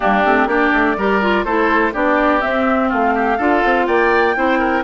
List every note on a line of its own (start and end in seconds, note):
0.00 0.24 G3
0.00 0.24 A#3
0.00 0.48 D4
0.00 0.47 G4
0.24 0.45 A3
0.24 0.48 C4
0.45 0.70 A#3
0.45 0.96 D4
0.45 0.96 G4
0.45 1.44 D5
0.73 0.96 A3
0.96 1.44 G3
0.96 1.21 G4
0.96 1.44 A#4
1.21 1.45 F4
1.44 1.93 A3
1.44 1.92 E4
1.44 1.93 A4
1.44 1.92 C5
1.92 2.43 B3
1.92 2.41 D4
1.92 2.89 G4
1.92 2.41 D5
2.41 3.37 C4
2.41 2.92 C4
2.41 2.89 E5
2.89 3.38 A3
2.89 3.13 F4
2.89 3.86 F5
3.14 3.37 G4
3.37 3.63 D4
3.37 4.35 F4
3.37 3.86 A4
3.64 3.87 C4
3.86 4.36 A#3
3.86 4.35 D5
3.86 4.83 G5
4.35 4.84 C4
4.35 4.83 E4
4.35 4.59 C5
4.59 4.83 A#4